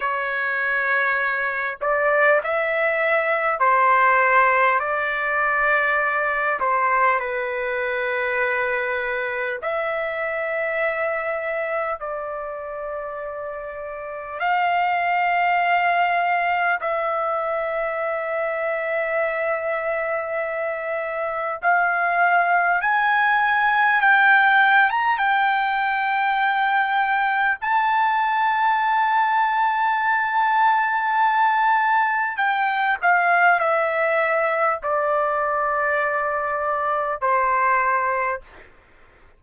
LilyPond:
\new Staff \with { instrumentName = "trumpet" } { \time 4/4 \tempo 4 = 50 cis''4. d''8 e''4 c''4 | d''4. c''8 b'2 | e''2 d''2 | f''2 e''2~ |
e''2 f''4 gis''4 | g''8. ais''16 g''2 a''4~ | a''2. g''8 f''8 | e''4 d''2 c''4 | }